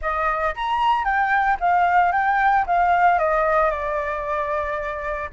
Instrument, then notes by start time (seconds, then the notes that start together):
flute
0.01 D#5
0.55 A#5
1.04 G5
1.60 F5
2.12 G5
2.66 F5
3.18 D#5
3.70 D5